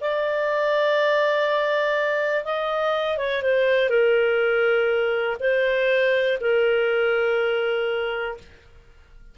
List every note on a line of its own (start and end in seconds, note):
0.00 2.44 D5
2.44 3.17 D#5
3.17 3.42 C#5
3.42 3.89 C5
3.89 5.37 A#4
5.39 6.38 C5
6.40 8.37 A#4